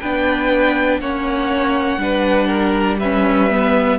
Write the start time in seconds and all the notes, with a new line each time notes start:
0.00 B3 D4 B4 G5
1.00 A#3 C#4 C#5 F#5
1.97 G3 D4 B4
2.47 A#4
2.98 C#4 B4 E5
3.50 B3